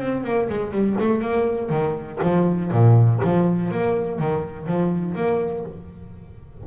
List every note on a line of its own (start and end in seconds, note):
0.00 0.24 C4
0.24 0.49 A#3
0.50 0.72 G#3
0.72 0.97 G3
1.00 1.22 A3
1.22 1.70 A#3
1.70 2.19 D#3
2.23 2.72 F3
2.72 3.21 A#2
3.24 3.72 F3
3.72 4.20 A#3
4.20 4.67 D#3
4.67 5.16 F3
5.16 5.65 A#3